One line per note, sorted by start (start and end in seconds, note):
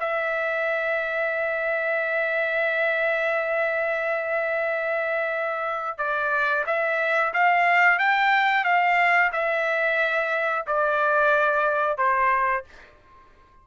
0.00 5.98 E5
5.98 6.65 D5
6.67 7.33 E5
7.34 7.99 F5
7.99 8.65 G5
8.65 9.31 F5
9.32 10.66 E5
10.67 11.98 D5
11.98 12.64 C5